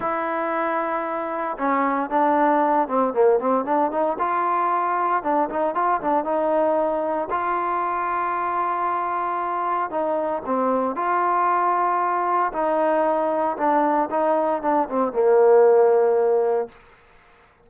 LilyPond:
\new Staff \with { instrumentName = "trombone" } { \time 4/4 \tempo 4 = 115 e'2. cis'4 | d'4. c'8 ais8 c'8 d'8 dis'8 | f'2 d'8 dis'8 f'8 d'8 | dis'2 f'2~ |
f'2. dis'4 | c'4 f'2. | dis'2 d'4 dis'4 | d'8 c'8 ais2. | }